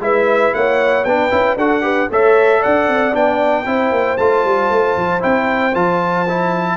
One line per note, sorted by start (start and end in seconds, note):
0.00 0.52 G#3
0.00 1.06 E4
0.00 0.55 B4
0.00 0.54 E5
0.54 1.05 A#3
0.54 1.07 C#5
0.54 1.05 F#5
1.05 1.31 B3
1.05 1.31 D4
1.05 1.58 B4
1.05 1.57 G5
1.31 1.56 C#4
1.31 1.57 E4
1.56 2.08 D4
1.56 1.82 F#4
1.56 1.83 A4
1.56 2.10 F#5
1.82 2.08 G4
1.82 2.09 B4
2.10 2.63 A3
2.10 3.13 A4
2.10 2.60 C#5
2.10 2.63 E5
2.60 2.88 D4
2.60 3.64 D5
2.60 3.15 F#5
2.88 3.14 C4
3.13 3.66 B3
3.13 3.65 D4
3.13 4.18 G5
3.66 3.92 C4
3.66 4.18 E4
3.66 6.77 C5
3.92 4.18 A#3
4.18 4.45 A3
4.18 5.20 F4
4.18 5.22 A5
4.45 4.70 G3
4.70 4.96 A3
4.97 5.23 F3
5.20 5.75 C4
5.20 5.72 E4
5.20 5.75 G5
5.75 6.77 F3
5.75 6.27 F4
5.75 6.77 A5
6.29 6.77 E4